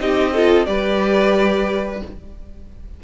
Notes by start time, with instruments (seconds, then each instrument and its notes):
0.00 cello C4, viola D#4, violin G4 D#5
0.33 viola F4, violin A4
0.66 cello G3, viola G4, violin B4 D5